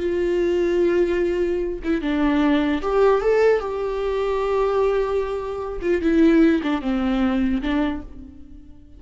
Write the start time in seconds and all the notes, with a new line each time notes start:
0.00 F4
1.84 E4
2.02 D4
2.82 G4
3.22 A4
3.60 G4
5.82 F4
6.02 E4
6.64 D4
6.82 C4
7.62 D4